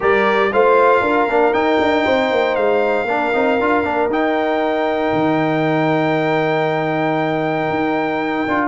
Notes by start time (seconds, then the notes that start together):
0.00 G3 G4 A#4 D5
0.52 A3 F4 C5 F5
1.00 D4 A#4
1.26 A#3 D4
1.53 D#4 G5
1.79 D4
2.04 C4 C5
2.31 A#3
2.55 G#3 F5
3.04 A#3 D4 A#4
3.33 C4 D#4
3.59 D4 F4
3.84 A#3 D4
4.07 D#4 G5
5.12 D#3
7.69 D#4
8.47 D4 F4